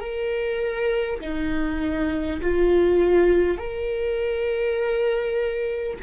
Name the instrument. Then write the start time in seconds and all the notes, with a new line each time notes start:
viola
0.00 A#4
1.20 D#4
2.41 F4
3.58 A#4